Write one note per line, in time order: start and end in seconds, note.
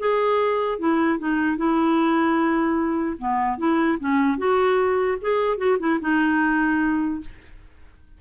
0.00 0.79 G#4
0.79 1.19 E4
1.19 1.58 D#4
1.58 3.18 E4
3.19 3.59 B3
3.59 3.99 E4
4.00 4.38 C#4
4.38 5.18 F#4
5.22 5.58 G#4
5.58 5.78 F#4
5.80 6.00 E4
6.01 7.21 D#4